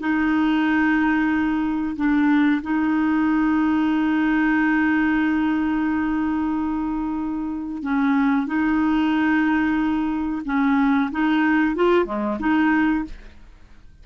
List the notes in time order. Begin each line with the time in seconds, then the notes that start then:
0.00 D#4
1.96 D4
2.62 D#4
7.83 C#4
8.46 D#4
10.45 C#4
11.11 D#4
11.75 F4
12.05 G#3
12.39 D#4